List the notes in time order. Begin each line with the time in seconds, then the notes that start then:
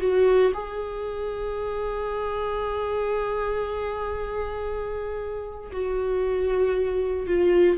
0.00 F#4
0.54 G#4
5.71 F#4
7.26 F4